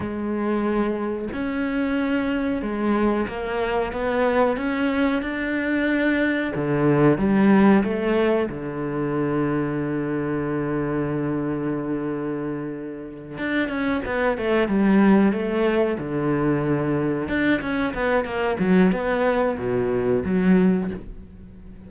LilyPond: \new Staff \with { instrumentName = "cello" } { \time 4/4 \tempo 4 = 92 gis2 cis'2 | gis4 ais4 b4 cis'4 | d'2 d4 g4 | a4 d2.~ |
d1~ | d8 d'8 cis'8 b8 a8 g4 a8~ | a8 d2 d'8 cis'8 b8 | ais8 fis8 b4 b,4 fis4 | }